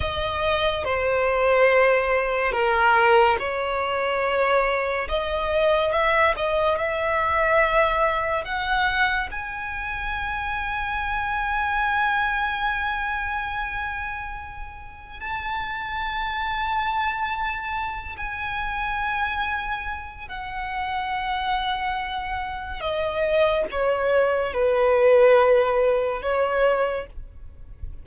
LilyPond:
\new Staff \with { instrumentName = "violin" } { \time 4/4 \tempo 4 = 71 dis''4 c''2 ais'4 | cis''2 dis''4 e''8 dis''8 | e''2 fis''4 gis''4~ | gis''1~ |
gis''2 a''2~ | a''4. gis''2~ gis''8 | fis''2. dis''4 | cis''4 b'2 cis''4 | }